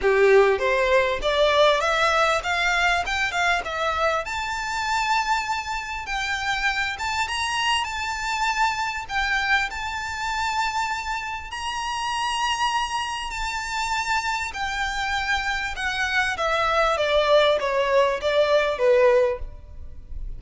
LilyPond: \new Staff \with { instrumentName = "violin" } { \time 4/4 \tempo 4 = 99 g'4 c''4 d''4 e''4 | f''4 g''8 f''8 e''4 a''4~ | a''2 g''4. a''8 | ais''4 a''2 g''4 |
a''2. ais''4~ | ais''2 a''2 | g''2 fis''4 e''4 | d''4 cis''4 d''4 b'4 | }